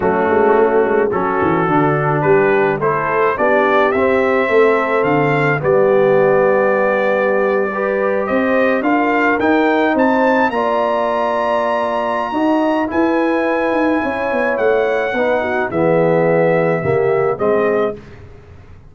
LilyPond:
<<
  \new Staff \with { instrumentName = "trumpet" } { \time 4/4 \tempo 4 = 107 fis'2 a'2 | b'4 c''4 d''4 e''4~ | e''4 f''4 d''2~ | d''2~ d''8. dis''4 f''16~ |
f''8. g''4 a''4 ais''4~ ais''16~ | ais''2. gis''4~ | gis''2 fis''2 | e''2. dis''4 | }
  \new Staff \with { instrumentName = "horn" } { \time 4/4 cis'2 fis'2 | g'4 a'4 g'2 | a'2 g'2~ | g'4.~ g'16 b'4 c''4 ais'16~ |
ais'4.~ ais'16 c''4 d''4~ d''16~ | d''2 dis''4 b'4~ | b'4 cis''2 b'8 fis'8 | gis'2 g'4 gis'4 | }
  \new Staff \with { instrumentName = "trombone" } { \time 4/4 a2 cis'4 d'4~ | d'4 e'4 d'4 c'4~ | c'2 b2~ | b4.~ b16 g'2 f'16~ |
f'8. dis'2 f'4~ f'16~ | f'2 fis'4 e'4~ | e'2. dis'4 | b2 ais4 c'4 | }
  \new Staff \with { instrumentName = "tuba" } { \time 4/4 fis8 gis8 a8 gis8 fis8 e8 d4 | g4 a4 b4 c'4 | a4 d4 g2~ | g2~ g8. c'4 d'16~ |
d'8. dis'4 c'4 ais4~ ais16~ | ais2 dis'4 e'4~ | e'8 dis'8 cis'8 b8 a4 b4 | e2 cis4 gis4 | }
>>